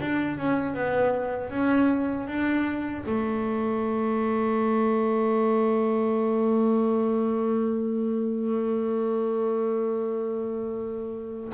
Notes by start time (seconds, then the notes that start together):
0.00 D4
0.37 C#4
0.74 B3
1.50 C#4
2.27 D4
3.06 A3